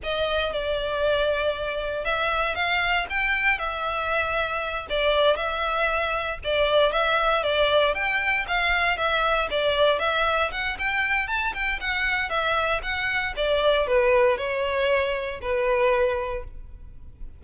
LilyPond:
\new Staff \with { instrumentName = "violin" } { \time 4/4 \tempo 4 = 117 dis''4 d''2. | e''4 f''4 g''4 e''4~ | e''4. d''4 e''4.~ | e''8 d''4 e''4 d''4 g''8~ |
g''8 f''4 e''4 d''4 e''8~ | e''8 fis''8 g''4 a''8 g''8 fis''4 | e''4 fis''4 d''4 b'4 | cis''2 b'2 | }